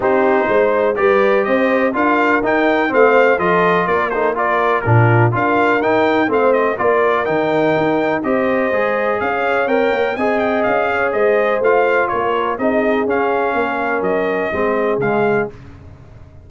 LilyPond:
<<
  \new Staff \with { instrumentName = "trumpet" } { \time 4/4 \tempo 4 = 124 c''2 d''4 dis''4 | f''4 g''4 f''4 dis''4 | d''8 c''8 d''4 ais'4 f''4 | g''4 f''8 dis''8 d''4 g''4~ |
g''4 dis''2 f''4 | g''4 gis''8 g''8 f''4 dis''4 | f''4 cis''4 dis''4 f''4~ | f''4 dis''2 f''4 | }
  \new Staff \with { instrumentName = "horn" } { \time 4/4 g'4 c''4 b'4 c''4 | ais'2 c''4 a'4 | ais'8 a'8 ais'4 f'4 ais'4~ | ais'4 c''4 ais'2~ |
ais'4 c''2 cis''4~ | cis''4 dis''4. cis''8 c''4~ | c''4 ais'4 gis'2 | ais'2 gis'2 | }
  \new Staff \with { instrumentName = "trombone" } { \time 4/4 dis'2 g'2 | f'4 dis'4 c'4 f'4~ | f'8 dis'8 f'4 d'4 f'4 | dis'4 c'4 f'4 dis'4~ |
dis'4 g'4 gis'2 | ais'4 gis'2. | f'2 dis'4 cis'4~ | cis'2 c'4 gis4 | }
  \new Staff \with { instrumentName = "tuba" } { \time 4/4 c'4 gis4 g4 c'4 | d'4 dis'4 a4 f4 | ais2 ais,4 d'4 | dis'4 a4 ais4 dis4 |
dis'4 c'4 gis4 cis'4 | c'8 ais8 c'4 cis'4 gis4 | a4 ais4 c'4 cis'4 | ais4 fis4 gis4 cis4 | }
>>